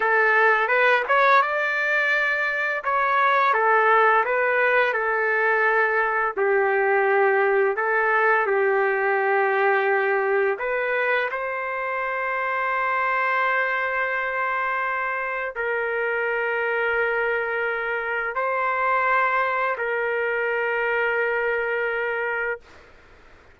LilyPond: \new Staff \with { instrumentName = "trumpet" } { \time 4/4 \tempo 4 = 85 a'4 b'8 cis''8 d''2 | cis''4 a'4 b'4 a'4~ | a'4 g'2 a'4 | g'2. b'4 |
c''1~ | c''2 ais'2~ | ais'2 c''2 | ais'1 | }